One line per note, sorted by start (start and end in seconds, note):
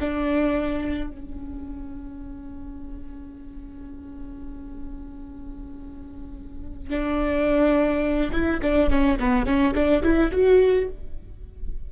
0.00 1.10 D4
1.10 6.90 C#4
6.90 8.31 D4
8.32 8.60 E4
8.62 8.89 D4
8.89 9.18 C#4
9.19 9.46 B3
9.46 9.74 C#4
9.74 10.02 D4
10.02 10.31 E4
10.32 10.88 F#4